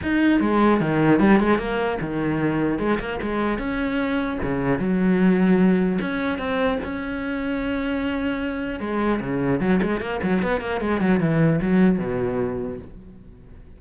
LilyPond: \new Staff \with { instrumentName = "cello" } { \time 4/4 \tempo 4 = 150 dis'4 gis4 dis4 g8 gis8 | ais4 dis2 gis8 ais8 | gis4 cis'2 cis4 | fis2. cis'4 |
c'4 cis'2.~ | cis'2 gis4 cis4 | fis8 gis8 ais8 fis8 b8 ais8 gis8 fis8 | e4 fis4 b,2 | }